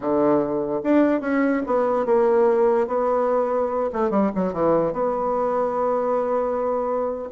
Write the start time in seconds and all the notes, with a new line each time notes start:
0.00 D3
0.83 D4
1.20 C#4
1.66 B3
2.05 A#3
2.87 B3
3.92 A3
4.10 G3
4.35 F#3
4.53 E3
4.93 B3